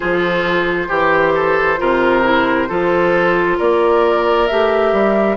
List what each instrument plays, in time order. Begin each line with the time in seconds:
0.00 bassoon F3, clarinet F4, oboe A4, flute C5
0.88 bassoon E3, oboe G4, clarinet G4
1.35 oboe A4
1.78 bassoon C3, clarinet F4, oboe A#4
2.23 clarinet E4
2.68 bassoon F3, clarinet F4, oboe A4
3.57 bassoon A#3, oboe A#4, flute D5
4.47 bassoon A3, clarinet G4, flute E5
4.92 bassoon G3